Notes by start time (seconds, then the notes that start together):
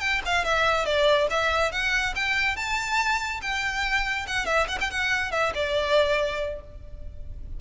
0.00 G5
0.25 F5
0.44 E5
0.85 D5
1.30 E5
1.72 F#5
2.15 G5
2.56 A5
3.41 G5
4.27 F#5
4.45 E5
4.67 F#5
4.80 G5
4.90 F#5
5.31 E5
5.54 D5